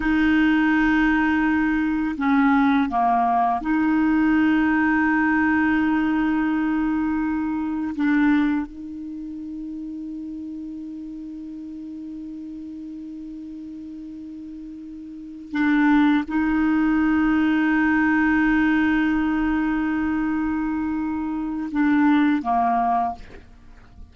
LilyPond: \new Staff \with { instrumentName = "clarinet" } { \time 4/4 \tempo 4 = 83 dis'2. cis'4 | ais4 dis'2.~ | dis'2. d'4 | dis'1~ |
dis'1~ | dis'4. d'4 dis'4.~ | dis'1~ | dis'2 d'4 ais4 | }